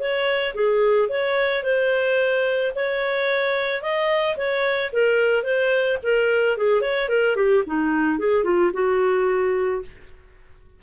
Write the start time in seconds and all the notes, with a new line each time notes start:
0.00 C#5
0.55 G#4
1.09 C#5
1.64 C5
2.76 C#5
3.82 D#5
4.37 C#5
4.93 A#4
5.43 C5
6.03 A#4
6.58 G#4
6.82 C#5
7.09 A#4
7.36 G4
7.67 D#4
8.19 G#4
8.45 F4
8.74 F#4